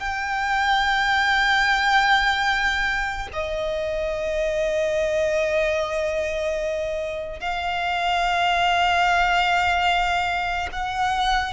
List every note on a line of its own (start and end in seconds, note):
0.00 3.29 G5
3.33 7.40 D#5
7.40 10.69 F5
10.72 11.53 F#5